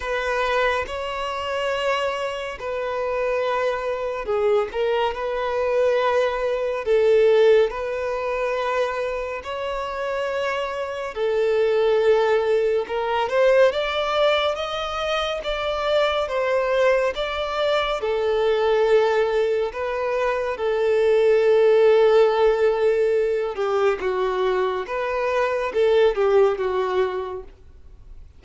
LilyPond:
\new Staff \with { instrumentName = "violin" } { \time 4/4 \tempo 4 = 70 b'4 cis''2 b'4~ | b'4 gis'8 ais'8 b'2 | a'4 b'2 cis''4~ | cis''4 a'2 ais'8 c''8 |
d''4 dis''4 d''4 c''4 | d''4 a'2 b'4 | a'2.~ a'8 g'8 | fis'4 b'4 a'8 g'8 fis'4 | }